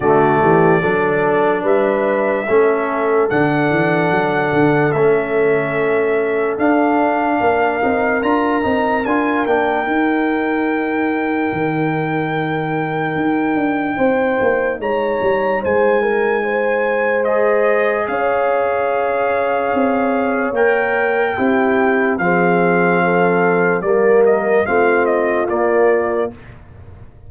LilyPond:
<<
  \new Staff \with { instrumentName = "trumpet" } { \time 4/4 \tempo 4 = 73 d''2 e''2 | fis''2 e''2 | f''2 ais''4 gis''8 g''8~ | g''1~ |
g''2 ais''4 gis''4~ | gis''4 dis''4 f''2~ | f''4 g''2 f''4~ | f''4 d''8 dis''8 f''8 dis''8 d''4 | }
  \new Staff \with { instrumentName = "horn" } { \time 4/4 fis'8 g'8 a'4 b'4 a'4~ | a'1~ | a'4 ais'2.~ | ais'1~ |
ais'4 c''4 cis''4 c''8 ais'8 | c''2 cis''2~ | cis''2 g'4 gis'4 | a'4 ais'4 f'2 | }
  \new Staff \with { instrumentName = "trombone" } { \time 4/4 a4 d'2 cis'4 | d'2 cis'2 | d'4. dis'8 f'8 dis'8 f'8 d'8 | dis'1~ |
dis'1~ | dis'4 gis'2.~ | gis'4 ais'4 e'4 c'4~ | c'4 ais4 c'4 ais4 | }
  \new Staff \with { instrumentName = "tuba" } { \time 4/4 d8 e8 fis4 g4 a4 | d8 e8 fis8 d8 a2 | d'4 ais8 c'8 d'8 c'8 d'8 ais8 | dis'2 dis2 |
dis'8 d'8 c'8 ais8 gis8 g8 gis4~ | gis2 cis'2 | c'4 ais4 c'4 f4~ | f4 g4 a4 ais4 | }
>>